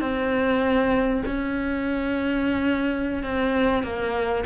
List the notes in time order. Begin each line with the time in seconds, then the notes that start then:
0.00 C4
1.26 C#4
3.23 C4
3.83 A#3